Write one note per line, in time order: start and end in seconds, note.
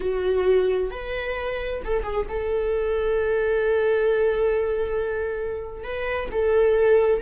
0.00 0.90 F#4
0.90 1.82 B4
1.84 2.03 A4
2.03 2.26 G#4
2.29 5.83 A4
5.83 6.29 B4
6.31 7.21 A4